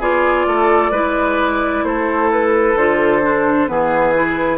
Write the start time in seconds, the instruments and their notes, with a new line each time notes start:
0.00 bassoon B3, clarinet F4, oboe G#4, flute D5
0.46 bassoon A3, oboe A4
0.91 bassoon G#3, clarinet E4, oboe B4
1.83 bassoon A3, oboe A4, flute C5
2.32 flute B4
2.76 bassoon D3, clarinet F4, flute C5
3.22 clarinet D4
3.68 bassoon E3, clarinet B3, oboe G#4, flute B4
4.14 clarinet E4